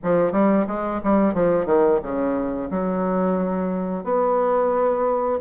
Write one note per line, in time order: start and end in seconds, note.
0.03 0.32 F3
0.32 0.66 G3
0.67 1.01 G#3
1.03 1.34 G3
1.34 1.65 F3
1.65 1.99 D#3
2.02 2.69 C#3
2.70 4.04 F#3
4.04 5.38 B3